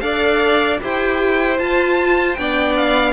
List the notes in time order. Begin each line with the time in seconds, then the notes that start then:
0.00 D4 A4 D5 F5
0.80 E4 G4 C5 G5
1.58 F4 A5
2.34 B3 D4 D5 G5
2.76 F5